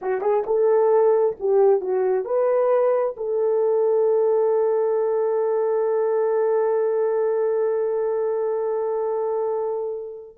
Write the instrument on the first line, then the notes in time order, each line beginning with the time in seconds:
horn
0.01 F#4
0.21 G#4
0.46 A4
1.39 G4
1.80 F#4
2.24 B4
3.16 A4